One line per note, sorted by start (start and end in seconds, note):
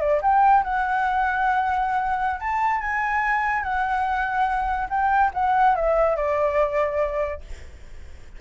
0.00 0.21 D5
0.22 0.63 G5
0.63 2.40 F#5
2.40 2.81 A5
2.81 3.63 G#5
3.63 4.88 F#5
4.89 5.31 G5
5.34 5.75 F#5
5.75 6.16 E5
6.16 7.41 D5